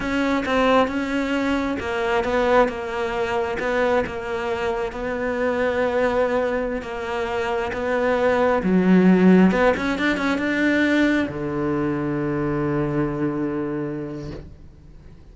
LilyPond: \new Staff \with { instrumentName = "cello" } { \time 4/4 \tempo 4 = 134 cis'4 c'4 cis'2 | ais4 b4 ais2 | b4 ais2 b4~ | b2.~ b16 ais8.~ |
ais4~ ais16 b2 fis8.~ | fis4~ fis16 b8 cis'8 d'8 cis'8 d'8.~ | d'4~ d'16 d2~ d8.~ | d1 | }